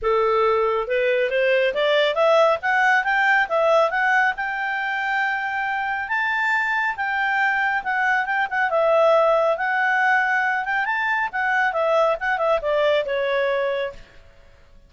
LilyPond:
\new Staff \with { instrumentName = "clarinet" } { \time 4/4 \tempo 4 = 138 a'2 b'4 c''4 | d''4 e''4 fis''4 g''4 | e''4 fis''4 g''2~ | g''2 a''2 |
g''2 fis''4 g''8 fis''8 | e''2 fis''2~ | fis''8 g''8 a''4 fis''4 e''4 | fis''8 e''8 d''4 cis''2 | }